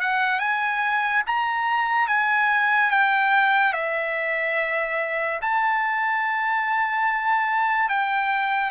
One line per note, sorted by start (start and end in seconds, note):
0.00 0.39 F#5
0.39 1.22 G#5
1.27 2.08 A#5
2.08 2.91 G#5
2.91 3.73 G5
3.73 5.40 E5
5.41 7.89 A5
7.89 8.70 G5